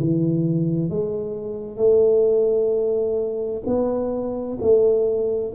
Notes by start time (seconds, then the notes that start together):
0.00 E3
0.90 G#3
1.77 A3
3.66 B3
4.62 A3